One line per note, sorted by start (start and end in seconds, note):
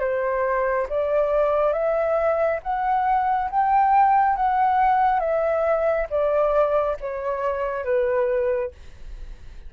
0.00 0.87 C5
0.89 1.73 D5
1.73 2.60 E5
2.63 3.50 F#5
3.51 4.36 G5
4.36 5.20 F#5
5.20 6.07 E5
6.10 6.97 D5
7.01 7.84 C#5
7.84 8.71 B4